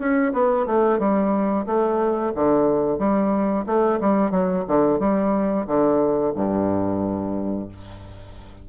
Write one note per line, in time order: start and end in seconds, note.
0.00 0.33 C#4
0.34 0.67 B3
0.67 1.00 A3
1.00 1.66 G3
1.67 2.33 A3
2.35 2.99 D3
2.99 3.66 G3
3.67 4.00 A3
4.01 4.32 G3
4.32 4.65 F#3
4.68 5.00 D3
5.00 5.67 G3
5.67 6.34 D3
6.35 7.69 G2